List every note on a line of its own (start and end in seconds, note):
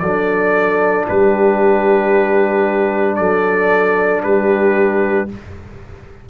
0.00 1.06 F#3
0.00 5.29 D4
0.00 1.08 A4
0.00 1.05 D5
1.09 3.19 G3
1.09 3.19 G4
1.09 3.16 B4
3.16 4.24 F#3
3.16 4.24 A4
3.16 4.21 D5
4.23 5.29 G3
4.23 5.30 G4
4.23 5.29 B4